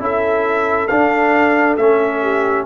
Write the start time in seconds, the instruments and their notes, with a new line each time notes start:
0.00 tuba C#4, trombone E4, horn A4, trumpet E5
0.88 trombone D4, tuba D4, trumpet F5
1.77 tuba A3, trombone C#4, trumpet E5
2.22 horn G4